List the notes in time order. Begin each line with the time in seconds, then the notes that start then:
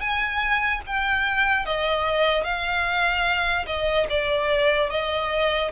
0.00 G#5
0.86 G5
1.65 D#5
2.44 F5
3.66 D#5
4.09 D5
4.89 D#5